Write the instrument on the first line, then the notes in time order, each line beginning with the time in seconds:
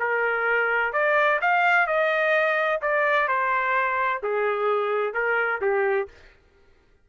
trumpet
0.00 A#4
0.93 D5
1.42 F5
1.87 D#5
2.82 D5
3.28 C5
4.23 G#4
5.14 A#4
5.61 G4